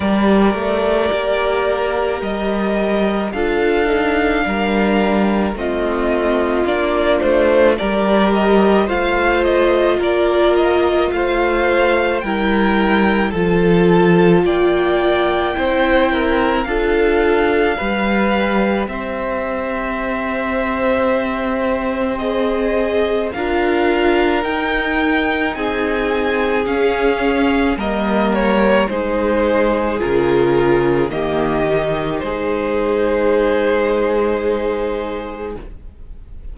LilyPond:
<<
  \new Staff \with { instrumentName = "violin" } { \time 4/4 \tempo 4 = 54 d''2 dis''4 f''4~ | f''4 dis''4 d''8 c''8 d''8 dis''8 | f''8 dis''8 d''8 dis''8 f''4 g''4 | a''4 g''2 f''4~ |
f''4 e''2. | dis''4 f''4 g''4 gis''4 | f''4 dis''8 cis''8 c''4 ais'4 | dis''4 c''2. | }
  \new Staff \with { instrumentName = "violin" } { \time 4/4 ais'2. a'4 | ais'4 f'2 ais'4 | c''4 ais'4 c''4 ais'4 | a'4 d''4 c''8 ais'8 a'4 |
b'4 c''2.~ | c''4 ais'2 gis'4~ | gis'4 ais'4 gis'2 | g'4 gis'2. | }
  \new Staff \with { instrumentName = "viola" } { \time 4/4 g'2. f'8 dis'8 | d'4 c'4 d'4 g'4 | f'2. e'4 | f'2 e'4 f'4 |
g'1 | gis'4 f'4 dis'2 | cis'4 ais4 dis'4 f'4 | ais8 dis'2.~ dis'8 | }
  \new Staff \with { instrumentName = "cello" } { \time 4/4 g8 a8 ais4 g4 d'4 | g4 a4 ais8 a8 g4 | a4 ais4 a4 g4 | f4 ais4 c'4 d'4 |
g4 c'2.~ | c'4 d'4 dis'4 c'4 | cis'4 g4 gis4 cis4 | dis4 gis2. | }
>>